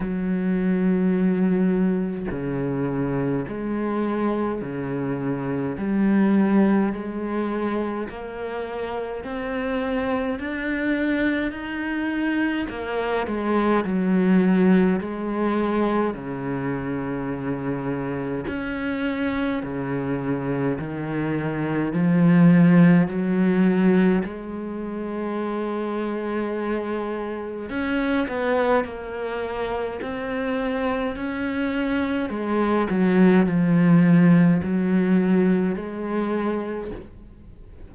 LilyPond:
\new Staff \with { instrumentName = "cello" } { \time 4/4 \tempo 4 = 52 fis2 cis4 gis4 | cis4 g4 gis4 ais4 | c'4 d'4 dis'4 ais8 gis8 | fis4 gis4 cis2 |
cis'4 cis4 dis4 f4 | fis4 gis2. | cis'8 b8 ais4 c'4 cis'4 | gis8 fis8 f4 fis4 gis4 | }